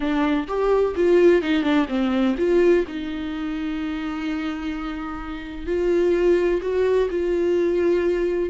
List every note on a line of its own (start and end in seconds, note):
0.00 0.47 D4
0.47 0.94 G4
0.95 1.42 F4
1.42 1.62 D#4
1.62 1.86 D4
1.88 2.35 C4
2.38 2.85 F4
2.87 5.66 D#4
5.66 6.61 F4
6.61 7.08 F#4
7.10 8.49 F4